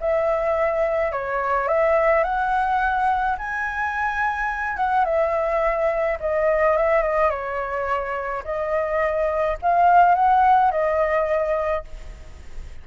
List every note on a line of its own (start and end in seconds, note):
0.00 1.12 E5
1.12 1.68 C#5
1.68 2.23 E5
2.23 3.37 F#5
3.38 4.77 G#5
4.77 5.05 F#5
5.05 6.18 E5
6.20 6.76 D#5
6.76 7.02 E5
7.02 7.30 D#5
7.30 8.43 C#5
8.44 9.58 D#5
9.62 10.14 F5
10.14 10.71 F#5
10.71 11.84 D#5